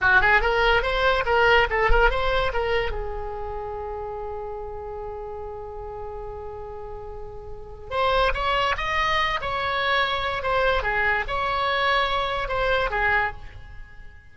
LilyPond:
\new Staff \with { instrumentName = "oboe" } { \time 4/4 \tempo 4 = 144 fis'8 gis'8 ais'4 c''4 ais'4 | a'8 ais'8 c''4 ais'4 gis'4~ | gis'1~ | gis'1~ |
gis'2. c''4 | cis''4 dis''4. cis''4.~ | cis''4 c''4 gis'4 cis''4~ | cis''2 c''4 gis'4 | }